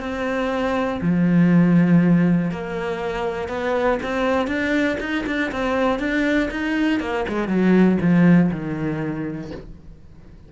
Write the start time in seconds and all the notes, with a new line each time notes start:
0.00 C4
1.01 F3
2.51 A#3
3.48 B3
4.03 C4
4.47 D4
5.00 D#4
5.26 D4
5.52 C4
5.99 D4
6.50 D#4
7.00 A#3
7.28 G#3
7.48 F#3
8.01 F3
8.51 D#3